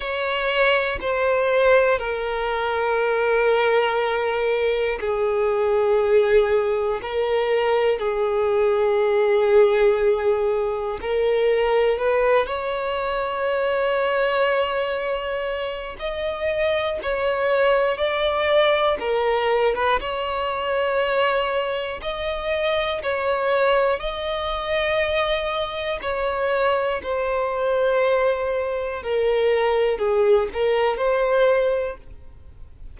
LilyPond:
\new Staff \with { instrumentName = "violin" } { \time 4/4 \tempo 4 = 60 cis''4 c''4 ais'2~ | ais'4 gis'2 ais'4 | gis'2. ais'4 | b'8 cis''2.~ cis''8 |
dis''4 cis''4 d''4 ais'8. b'16 | cis''2 dis''4 cis''4 | dis''2 cis''4 c''4~ | c''4 ais'4 gis'8 ais'8 c''4 | }